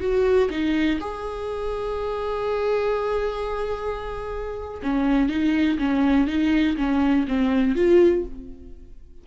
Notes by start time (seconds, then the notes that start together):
0.00 F#4
0.50 D#4
1.00 G#4
4.82 C#4
5.29 D#4
5.78 C#4
6.27 D#4
6.77 C#4
7.27 C4
7.75 F4